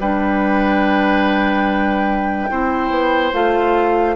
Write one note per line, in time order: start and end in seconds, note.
0.00 2.50 G3
0.00 2.51 D4
0.00 2.51 B4
0.00 3.34 G5
2.50 2.90 C4
2.50 3.33 E4
2.50 4.16 C5
2.90 3.32 B3
3.33 4.16 A3
3.33 4.16 F4
3.33 4.16 F5